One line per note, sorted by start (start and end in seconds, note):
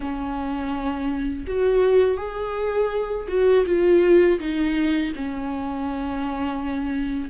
0.00 1.45 C#4
1.47 2.17 F#4
2.17 3.27 G#4
3.28 3.64 F#4
3.66 4.39 F4
4.39 5.12 D#4
5.15 7.29 C#4